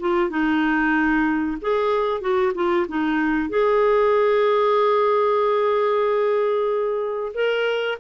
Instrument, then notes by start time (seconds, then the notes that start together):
clarinet
0.00 F4
0.30 D#4
1.61 G#4
2.21 F#4
2.55 F4
2.88 D#4
3.50 G#4
7.34 A#4